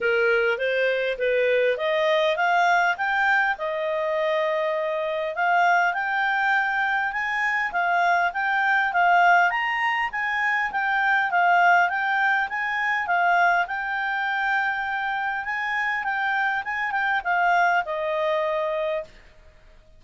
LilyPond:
\new Staff \with { instrumentName = "clarinet" } { \time 4/4 \tempo 4 = 101 ais'4 c''4 b'4 dis''4 | f''4 g''4 dis''2~ | dis''4 f''4 g''2 | gis''4 f''4 g''4 f''4 |
ais''4 gis''4 g''4 f''4 | g''4 gis''4 f''4 g''4~ | g''2 gis''4 g''4 | gis''8 g''8 f''4 dis''2 | }